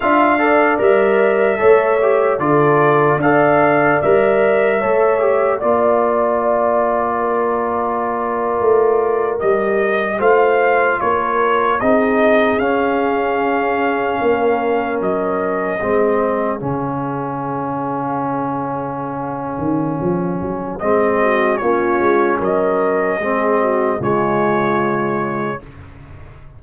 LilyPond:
<<
  \new Staff \with { instrumentName = "trumpet" } { \time 4/4 \tempo 4 = 75 f''4 e''2 d''4 | f''4 e''2 d''4~ | d''2.~ d''8. dis''16~ | dis''8. f''4 cis''4 dis''4 f''16~ |
f''2~ f''8. dis''4~ dis''16~ | dis''8. f''2.~ f''16~ | f''2 dis''4 cis''4 | dis''2 cis''2 | }
  \new Staff \with { instrumentName = "horn" } { \time 4/4 e''8 d''4. cis''4 a'4 | d''2 cis''4 d''4~ | d''4 ais'2.~ | ais'8. c''4 ais'4 gis'4~ gis'16~ |
gis'4.~ gis'16 ais'2 gis'16~ | gis'1~ | gis'2~ gis'8 fis'8 f'4 | ais'4 gis'8 fis'8 f'2 | }
  \new Staff \with { instrumentName = "trombone" } { \time 4/4 f'8 a'8 ais'4 a'8 g'8 f'4 | a'4 ais'4 a'8 g'8 f'4~ | f'2.~ f'8. g'16~ | g'8. f'2 dis'4 cis'16~ |
cis'2.~ cis'8. c'16~ | c'8. cis'2.~ cis'16~ | cis'2 c'4 cis'4~ | cis'4 c'4 gis2 | }
  \new Staff \with { instrumentName = "tuba" } { \time 4/4 d'4 g4 a4 d4 | d'4 g4 a4 ais4~ | ais2~ ais8. a4 g16~ | g8. a4 ais4 c'4 cis'16~ |
cis'4.~ cis'16 ais4 fis4 gis16~ | gis8. cis2.~ cis16~ | cis8 dis8 f8 fis8 gis4 ais8 gis8 | fis4 gis4 cis2 | }
>>